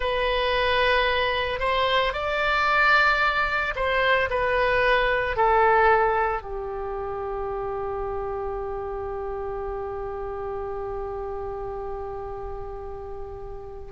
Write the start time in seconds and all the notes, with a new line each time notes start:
0.00 B4
1.59 C5
2.13 D5
3.75 C5
4.30 B4
5.36 A4
6.41 G4